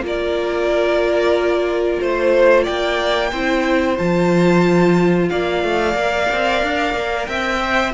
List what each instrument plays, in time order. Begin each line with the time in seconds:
0.00 cello A#3, viola F4, violin A#4
0.07 violin D5
2.00 cello A3, violin C5
2.63 cello A#3, violin D5 G5
3.31 cello C4, viola E4, violin C5
3.98 cello F3, viola F4, violin A5
5.29 cello A#3, violin D5 F5
5.63 cello A3
5.94 cello A#3, viola A#4
6.32 cello C4
6.63 cello D4
6.94 cello A#3
7.26 cello C4, violin E5 G5
7.60 viola C5